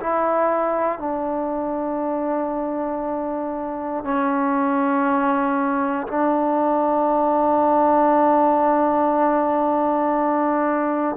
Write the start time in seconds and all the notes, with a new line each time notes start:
0.00 E4
0.99 D4
4.04 C#4
6.07 D4